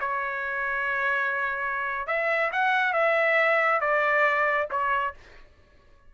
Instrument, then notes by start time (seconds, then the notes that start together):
trumpet
0.00 C#5
2.07 E5
2.52 F#5
2.93 E5
3.80 D5
4.70 C#5